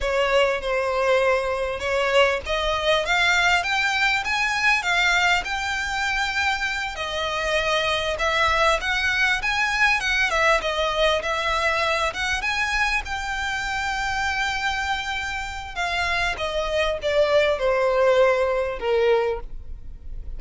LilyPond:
\new Staff \with { instrumentName = "violin" } { \time 4/4 \tempo 4 = 99 cis''4 c''2 cis''4 | dis''4 f''4 g''4 gis''4 | f''4 g''2~ g''8 dis''8~ | dis''4. e''4 fis''4 gis''8~ |
gis''8 fis''8 e''8 dis''4 e''4. | fis''8 gis''4 g''2~ g''8~ | g''2 f''4 dis''4 | d''4 c''2 ais'4 | }